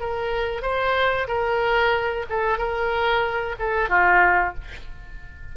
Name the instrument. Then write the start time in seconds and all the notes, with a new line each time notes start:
oboe
0.00 A#4
0.62 C5
1.27 A#4
2.29 A4
2.58 A#4
3.59 A4
3.89 F4